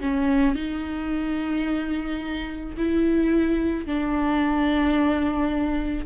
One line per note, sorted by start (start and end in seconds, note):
0.00 0.55 C#4
0.55 2.75 D#4
2.77 3.86 E4
3.86 6.06 D4